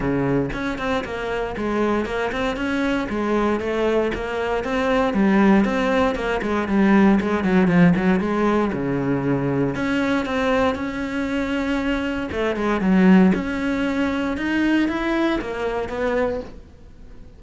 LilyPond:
\new Staff \with { instrumentName = "cello" } { \time 4/4 \tempo 4 = 117 cis4 cis'8 c'8 ais4 gis4 | ais8 c'8 cis'4 gis4 a4 | ais4 c'4 g4 c'4 | ais8 gis8 g4 gis8 fis8 f8 fis8 |
gis4 cis2 cis'4 | c'4 cis'2. | a8 gis8 fis4 cis'2 | dis'4 e'4 ais4 b4 | }